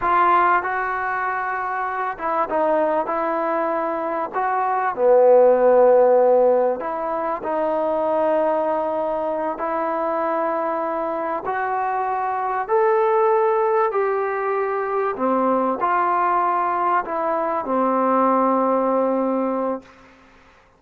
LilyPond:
\new Staff \with { instrumentName = "trombone" } { \time 4/4 \tempo 4 = 97 f'4 fis'2~ fis'8 e'8 | dis'4 e'2 fis'4 | b2. e'4 | dis'2.~ dis'8 e'8~ |
e'2~ e'8 fis'4.~ | fis'8 a'2 g'4.~ | g'8 c'4 f'2 e'8~ | e'8 c'2.~ c'8 | }